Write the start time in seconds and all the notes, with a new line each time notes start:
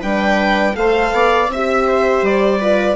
0.00 G3 D4 B4 G5
0.74 A3 A4 C5 F5
1.12 B3 D5
1.48 C4 E5
1.54 G4
1.87 C5
2.22 G3 D5
2.59 F4 B4